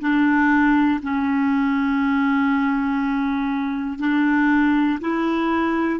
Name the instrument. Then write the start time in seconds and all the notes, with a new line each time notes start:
clarinet
0.00 D4
1.02 C#4
3.99 D4
5.00 E4